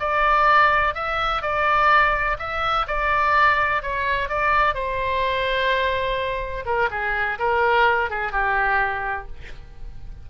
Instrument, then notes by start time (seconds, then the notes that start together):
oboe
0.00 D5
0.95 E5
1.42 D5
2.39 E5
2.87 D5
3.83 C#5
4.29 D5
4.75 C5
6.66 A#4
6.91 G#4
7.39 A#4
8.10 G#4
8.32 G4